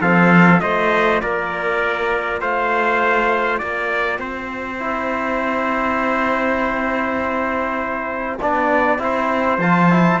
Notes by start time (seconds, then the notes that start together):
0.00 F3 C4 A4 F5
0.60 A3 F4 C5 D#5
1.21 A#3 A#4 D5
2.40 A3 C5 F5
3.58 A#3 D5 G5
4.18 C4 C5
4.79 E4
8.41 B3 D4 D5
8.98 C4 E4 C5
9.57 F3 F4 A5
9.90 E4